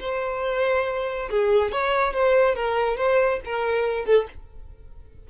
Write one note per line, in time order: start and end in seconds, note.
0.00 1.29 C5
1.31 1.72 G#4
1.72 2.13 C#5
2.13 2.55 C5
2.55 2.97 A#4
2.97 3.40 C5
3.45 4.06 A#4
4.06 4.27 A4